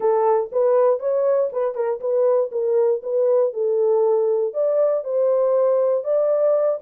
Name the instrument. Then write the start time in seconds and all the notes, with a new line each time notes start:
horn
0.00 A4
0.52 B4
0.99 C#5
1.52 B4
1.74 A#4
2.00 B4
2.51 A#4
3.03 B4
3.53 A4
4.53 D5
5.04 C5
6.04 D5